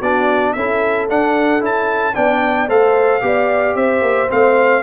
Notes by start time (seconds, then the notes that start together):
0.00 B3 D4 F#4 D5
0.54 C#4 E4 A4 E5
1.09 D4 F#5
1.61 C#4 E4 A5
2.15 B3 D4 D5 G5
2.68 A3 A4 C5 F5
3.22 B3 G4 D5
3.76 C4 C5 E5
4.02 A#3
4.30 A3 C4 F5